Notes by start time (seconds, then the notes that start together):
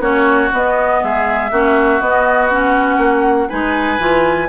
0.00 A#3 C#4 F#4 C#5
0.52 B3 D#5
1.03 G#3 G#4 E5
1.52 A#3 C#4 F#4
2.01 B3 D#5
2.51 C#4 F#5
2.98 A#3
3.49 G#3 D#4 B4 G#5
3.99 E3 F4